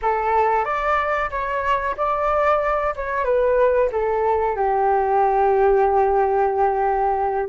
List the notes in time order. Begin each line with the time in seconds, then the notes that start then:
0.01 A4
0.64 D5
1.30 C#5
1.96 D5
2.96 C#5
3.24 B4
3.92 A4
4.55 G4